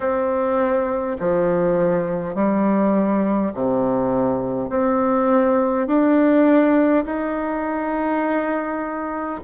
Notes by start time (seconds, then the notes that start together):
0.00 C4
1.19 F3
2.34 G3
3.53 C3
4.69 C4
5.87 D4
7.05 D#4